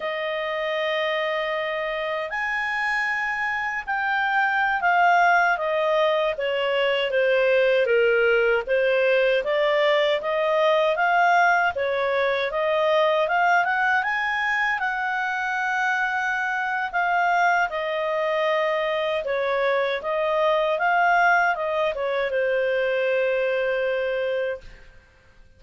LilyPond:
\new Staff \with { instrumentName = "clarinet" } { \time 4/4 \tempo 4 = 78 dis''2. gis''4~ | gis''4 g''4~ g''16 f''4 dis''8.~ | dis''16 cis''4 c''4 ais'4 c''8.~ | c''16 d''4 dis''4 f''4 cis''8.~ |
cis''16 dis''4 f''8 fis''8 gis''4 fis''8.~ | fis''2 f''4 dis''4~ | dis''4 cis''4 dis''4 f''4 | dis''8 cis''8 c''2. | }